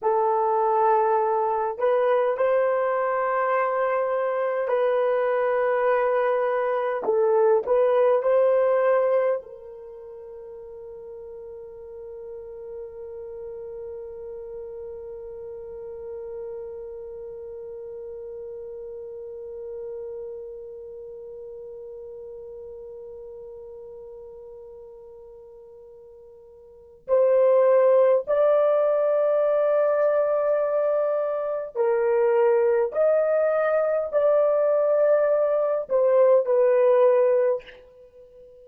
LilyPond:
\new Staff \with { instrumentName = "horn" } { \time 4/4 \tempo 4 = 51 a'4. b'8 c''2 | b'2 a'8 b'8 c''4 | ais'1~ | ais'1~ |
ais'1~ | ais'2. c''4 | d''2. ais'4 | dis''4 d''4. c''8 b'4 | }